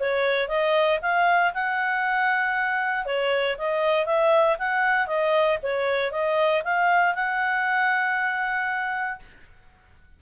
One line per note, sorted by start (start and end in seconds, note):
0.00 0.49 C#5
0.49 1.00 D#5
1.02 1.53 F5
1.54 3.06 F#5
3.06 3.57 C#5
3.58 4.06 D#5
4.06 4.57 E5
4.59 5.07 F#5
5.07 5.59 D#5
5.63 6.12 C#5
6.12 6.63 D#5
6.64 7.15 F5
7.15 9.20 F#5